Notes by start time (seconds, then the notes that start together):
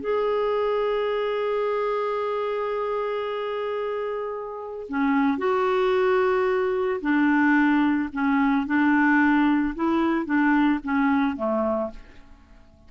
0.00 G#4
4.88 C#4
5.38 F#4
7.01 D4
8.13 C#4
8.66 D4
9.75 E4
10.25 D4
10.83 C#4
11.36 A3